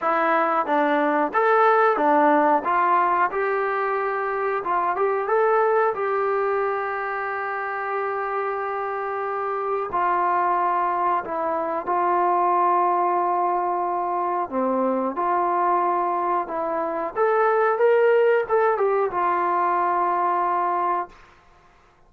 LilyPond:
\new Staff \with { instrumentName = "trombone" } { \time 4/4 \tempo 4 = 91 e'4 d'4 a'4 d'4 | f'4 g'2 f'8 g'8 | a'4 g'2.~ | g'2. f'4~ |
f'4 e'4 f'2~ | f'2 c'4 f'4~ | f'4 e'4 a'4 ais'4 | a'8 g'8 f'2. | }